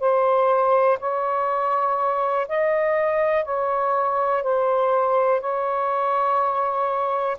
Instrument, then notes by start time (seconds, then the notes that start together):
saxophone
0.00 C5
1.00 C#5
2.49 D#5
3.45 C#5
4.43 C5
5.41 C#5